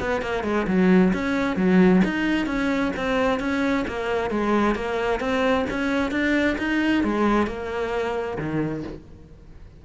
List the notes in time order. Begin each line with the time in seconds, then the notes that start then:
0.00 B3
0.22 A#3
0.44 G#3
0.67 F#3
1.13 C#4
1.56 F#3
2.04 D#4
2.46 C#4
2.96 C4
3.40 C#4
3.88 A#3
4.31 G#3
4.75 A#3
5.20 C4
5.70 C#4
6.11 D4
6.58 D#4
7.04 G#3
7.47 A#3
8.38 D#3